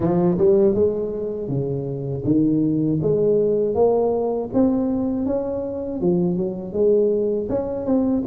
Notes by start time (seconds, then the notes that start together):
0.00 F3
0.38 G3
0.74 G#3
1.48 C#3
2.24 D#3
3.01 G#3
3.74 A#3
4.53 C4
5.26 C#4
6.00 F3
6.36 F#3
6.73 G#3
7.49 C#4
7.85 C4